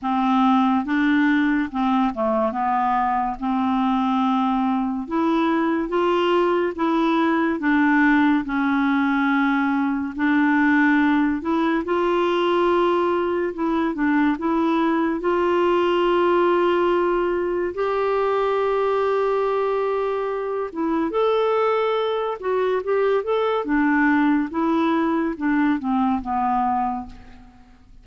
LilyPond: \new Staff \with { instrumentName = "clarinet" } { \time 4/4 \tempo 4 = 71 c'4 d'4 c'8 a8 b4 | c'2 e'4 f'4 | e'4 d'4 cis'2 | d'4. e'8 f'2 |
e'8 d'8 e'4 f'2~ | f'4 g'2.~ | g'8 e'8 a'4. fis'8 g'8 a'8 | d'4 e'4 d'8 c'8 b4 | }